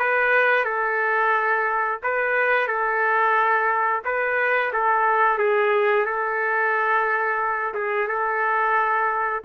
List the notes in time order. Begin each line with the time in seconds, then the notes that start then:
0.00 B4
0.65 A4
2.03 B4
2.68 A4
4.05 B4
4.73 A4
5.39 G#4
6.06 A4
7.75 G#4
8.08 A4